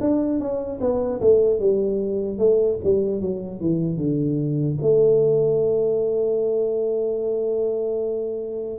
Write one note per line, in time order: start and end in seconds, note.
0.00 0.39 D4
0.39 0.79 C#4
0.80 1.20 B3
1.20 1.59 A3
1.59 2.38 G3
2.38 2.78 A3
2.83 3.20 G3
3.20 3.60 F#3
3.60 3.97 E3
3.97 4.77 D3
4.81 8.78 A3